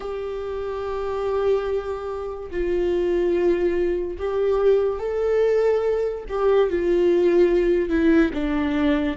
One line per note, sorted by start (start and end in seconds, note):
0.00 2.50 G4
2.50 4.17 F4
4.18 4.99 G4
4.99 6.24 A4
6.28 6.69 G4
6.69 7.89 F4
7.89 8.31 E4
8.33 9.17 D4